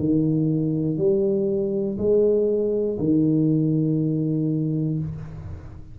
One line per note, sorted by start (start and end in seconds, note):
0.00 0.98 D#3
0.98 1.98 G3
1.98 2.98 G#3
2.99 4.99 D#3